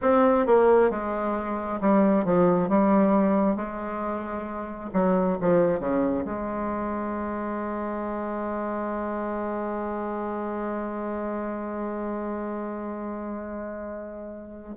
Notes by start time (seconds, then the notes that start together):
0.01 C4
0.46 A#3
0.90 G#3
1.80 G3
2.24 F3
2.69 G3
3.56 G#3
4.93 F#3
5.40 F3
5.79 C#3
6.24 G#3